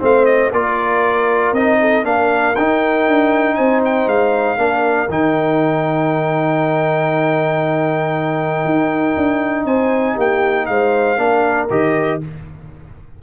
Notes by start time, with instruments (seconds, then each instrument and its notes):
0.00 tuba A3, trombone C4, horn C5, trumpet F5
0.26 trumpet D#5
0.53 tuba A#3, trombone F4, horn A#4, trumpet D5
1.53 tuba C4, trombone D#4, trumpet D#5
1.81 horn A4
2.04 tuba A#3, trombone D4, horn A#4, trumpet F5
2.56 tuba D#4, trombone D#4, trumpet G5
3.08 tuba D4
3.55 tuba C4, horn C5, trumpet G#5
3.85 trumpet G5
4.07 tuba G#3, trumpet F5
4.58 tuba A#3, trombone D4, horn A#4
5.09 tuba D#3, trombone D#4, trumpet G5
8.65 tuba D#4
9.17 tuba D4
9.65 tuba C4, horn C5, trumpet G#5
10.15 tuba A#3, horn G4, trumpet G5
10.66 tuba G#3, horn C5, trumpet F5
11.18 tuba A#3, trombone D4, horn A#4
11.71 tuba D#3, trombone G4, trumpet D#5